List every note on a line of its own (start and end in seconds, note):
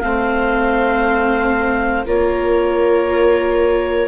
0.00 2.06 A3
0.00 2.06 C4
0.00 2.06 C5
0.00 2.03 F5
2.06 4.07 A#3
2.06 4.07 F4
2.06 4.07 A#4
2.06 4.07 C#5